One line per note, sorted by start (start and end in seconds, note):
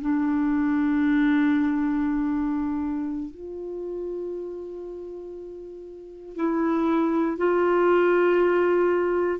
0.00 3.30 D4
3.30 6.35 F4
6.35 7.37 E4
7.37 9.39 F4